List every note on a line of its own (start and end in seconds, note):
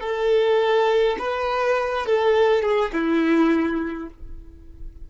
0.00 1.17 A4
1.18 2.05 B4
2.05 2.62 A4
2.62 2.91 G#4
2.92 4.09 E4